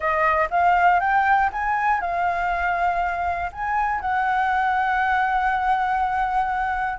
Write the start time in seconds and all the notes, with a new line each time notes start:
0.00 D#5
0.50 F5
1.00 G5
1.52 G#5
2.00 F5
3.52 G#5
4.00 F#5